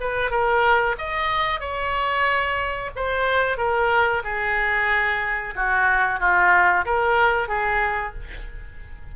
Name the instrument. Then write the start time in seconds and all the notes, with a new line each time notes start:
oboe
0.00 B4
0.31 A#4
0.98 D#5
1.60 C#5
2.96 C5
3.58 A#4
4.24 G#4
5.55 F#4
6.20 F4
6.86 A#4
7.48 G#4